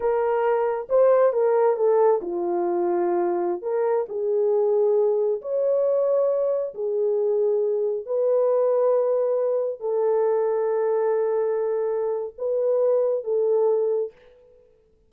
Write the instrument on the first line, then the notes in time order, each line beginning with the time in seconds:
horn
0.00 A#4
0.89 C5
1.32 A#4
1.76 A4
2.21 F4
3.62 A#4
4.08 G#4
5.41 C#5
6.74 G#4
8.06 B4
9.79 A4
12.37 B4
13.24 A4